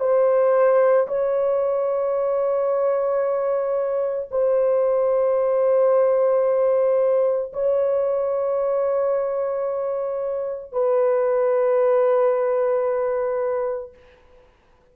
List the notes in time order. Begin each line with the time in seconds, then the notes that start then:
0.00 C5
1.08 C#5
4.31 C5
7.53 C#5
10.72 B4